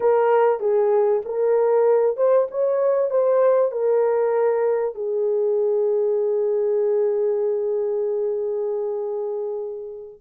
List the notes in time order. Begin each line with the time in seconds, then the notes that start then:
0.00 A#4
0.60 G#4
1.25 A#4
2.16 C5
2.51 C#5
3.10 C5
3.71 A#4
4.95 G#4